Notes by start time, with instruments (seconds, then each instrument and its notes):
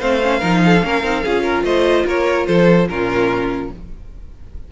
0.00 cello A3, viola C4, violin C5 F5
0.22 viola C#4
0.40 cello F3, viola D#4, violin A#4
0.66 violin A4
0.83 cello A#3, viola C#4, violin A#4
1.03 cello C4, viola D#4
1.24 cello C#4, viola F4, violin G#4
1.43 violin A#4
1.64 cello A3, violin C5 D#5
2.06 cello A#3, violin A#4 C#5
2.47 cello F3, violin A4 C5
2.89 cello A#2, viola C#4, violin F4 A#4